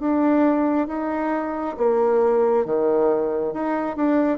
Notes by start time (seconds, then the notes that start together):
0.00 D4
0.87 D#4
1.78 A#3
2.66 D#3
3.54 D#4
3.96 D4